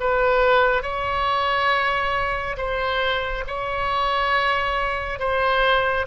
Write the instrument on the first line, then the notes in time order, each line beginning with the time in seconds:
oboe
0.00 B4
0.83 C#5
2.57 C5
3.47 C#5
5.19 C5